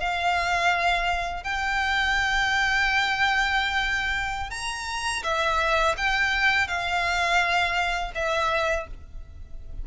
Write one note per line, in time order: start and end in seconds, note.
0.00 1.44 F5
1.44 4.50 G5
4.50 5.22 A#5
5.23 5.95 E5
5.97 6.67 G5
6.67 8.12 F5
8.15 8.87 E5